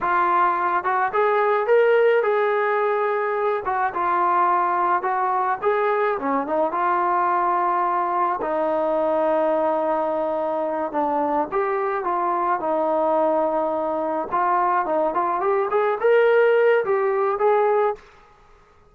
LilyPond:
\new Staff \with { instrumentName = "trombone" } { \time 4/4 \tempo 4 = 107 f'4. fis'8 gis'4 ais'4 | gis'2~ gis'8 fis'8 f'4~ | f'4 fis'4 gis'4 cis'8 dis'8 | f'2. dis'4~ |
dis'2.~ dis'8 d'8~ | d'8 g'4 f'4 dis'4.~ | dis'4. f'4 dis'8 f'8 g'8 | gis'8 ais'4. g'4 gis'4 | }